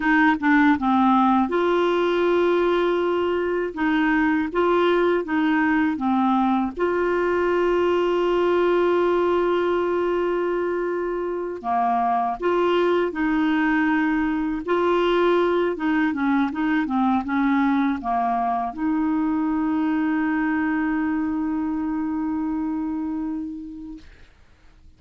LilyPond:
\new Staff \with { instrumentName = "clarinet" } { \time 4/4 \tempo 4 = 80 dis'8 d'8 c'4 f'2~ | f'4 dis'4 f'4 dis'4 | c'4 f'2.~ | f'2.~ f'8 ais8~ |
ais8 f'4 dis'2 f'8~ | f'4 dis'8 cis'8 dis'8 c'8 cis'4 | ais4 dis'2.~ | dis'1 | }